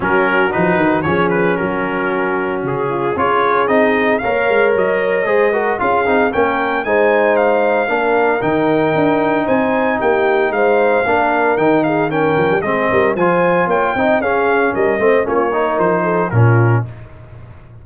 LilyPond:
<<
  \new Staff \with { instrumentName = "trumpet" } { \time 4/4 \tempo 4 = 114 ais'4 b'4 cis''8 b'8 ais'4~ | ais'4 gis'4 cis''4 dis''4 | f''4 dis''2 f''4 | g''4 gis''4 f''2 |
g''2 gis''4 g''4 | f''2 g''8 f''8 g''4 | dis''4 gis''4 g''4 f''4 | dis''4 cis''4 c''4 ais'4 | }
  \new Staff \with { instrumentName = "horn" } { \time 4/4 fis'2 gis'4 fis'4~ | fis'4. f'8 gis'2 | cis''2 c''8 ais'8 gis'4 | ais'4 c''2 ais'4~ |
ais'2 c''4 g'4 | c''4 ais'4. gis'8 ais'4 | gis'8 ais'8 c''4 cis''8 dis''8 gis'4 | ais'8 c''8 f'8 ais'4 a'8 f'4 | }
  \new Staff \with { instrumentName = "trombone" } { \time 4/4 cis'4 dis'4 cis'2~ | cis'2 f'4 dis'4 | ais'2 gis'8 fis'8 f'8 dis'8 | cis'4 dis'2 d'4 |
dis'1~ | dis'4 d'4 dis'4 cis'4 | c'4 f'4. dis'8 cis'4~ | cis'8 c'8 cis'8 dis'4. cis'4 | }
  \new Staff \with { instrumentName = "tuba" } { \time 4/4 fis4 f8 dis8 f4 fis4~ | fis4 cis4 cis'4 c'4 | ais8 gis8 fis4 gis4 cis'8 c'8 | ais4 gis2 ais4 |
dis4 d'4 c'4 ais4 | gis4 ais4 dis4. f16 g16 | gis8 g8 f4 ais8 c'8 cis'4 | g8 a8 ais4 f4 ais,4 | }
>>